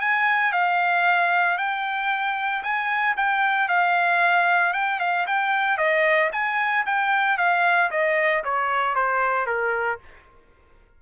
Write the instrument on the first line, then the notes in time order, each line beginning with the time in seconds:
trumpet
0.00 G#5
0.52 F5
1.57 G5
2.63 G#5
3.17 G5
3.68 F5
4.73 G5
4.99 F5
5.27 G5
5.77 D#5
6.32 G#5
6.86 G5
7.37 F5
7.90 D#5
8.44 C#5
8.95 C5
9.46 A#4